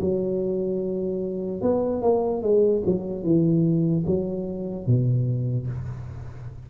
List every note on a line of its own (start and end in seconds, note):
0.00 1.61 F#3
1.61 2.01 B3
2.01 2.42 A#3
2.42 2.82 G#3
2.86 3.23 F#3
3.23 4.04 E3
4.06 4.86 F#3
4.86 5.67 B2